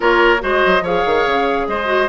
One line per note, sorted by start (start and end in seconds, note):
0.00 0.42 A#3
0.00 0.38 F4
0.00 0.41 A#4
0.00 0.43 C#5
0.40 0.64 G#3
0.40 0.81 F#4
0.40 0.83 C5
0.40 0.84 D#5
0.65 0.81 F#3
0.81 1.02 F3
0.81 1.85 G#4
0.81 1.66 C#5
0.81 1.67 F5
1.05 1.25 D#3
1.25 1.67 C#3
1.67 2.08 G#3
1.67 2.08 C5
1.67 2.08 D#5
1.85 2.06 F#4